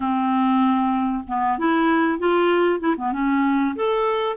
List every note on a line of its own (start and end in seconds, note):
0.00 1.23 C4
1.27 1.58 B3
1.58 2.18 E4
2.18 2.80 F4
2.80 2.95 E4
2.97 3.12 B3
3.12 3.75 C#4
3.75 4.36 A4